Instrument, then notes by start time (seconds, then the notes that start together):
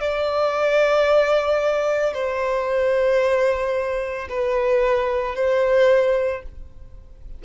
violin
0.00 D5
2.14 C5
4.29 B4
5.35 C5